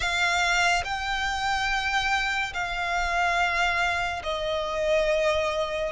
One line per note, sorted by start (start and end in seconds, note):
0.00 0.83 F5
0.84 2.53 G5
2.53 4.22 F5
4.23 5.92 D#5